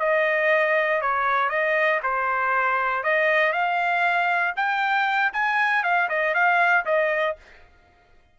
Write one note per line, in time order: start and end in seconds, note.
0.00 1.02 D#5
1.02 1.50 C#5
1.50 2.01 D#5
2.04 3.04 C5
3.04 3.53 D#5
3.53 4.55 F5
4.57 5.33 G5
5.34 5.84 G#5
5.84 6.09 F5
6.09 6.35 D#5
6.35 6.86 F5
6.86 7.37 D#5